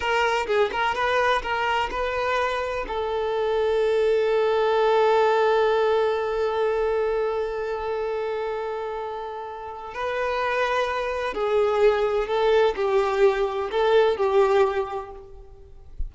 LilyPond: \new Staff \with { instrumentName = "violin" } { \time 4/4 \tempo 4 = 127 ais'4 gis'8 ais'8 b'4 ais'4 | b'2 a'2~ | a'1~ | a'1~ |
a'1~ | a'4 b'2. | gis'2 a'4 g'4~ | g'4 a'4 g'2 | }